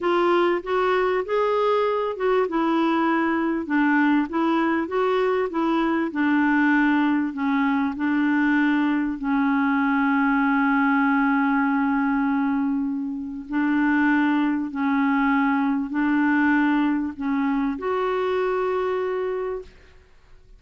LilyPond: \new Staff \with { instrumentName = "clarinet" } { \time 4/4 \tempo 4 = 98 f'4 fis'4 gis'4. fis'8 | e'2 d'4 e'4 | fis'4 e'4 d'2 | cis'4 d'2 cis'4~ |
cis'1~ | cis'2 d'2 | cis'2 d'2 | cis'4 fis'2. | }